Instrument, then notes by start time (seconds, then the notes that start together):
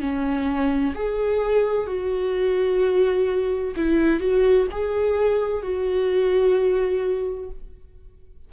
viola
0.00 C#4
0.95 G#4
1.87 F#4
3.76 E4
4.20 F#4
4.71 G#4
5.62 F#4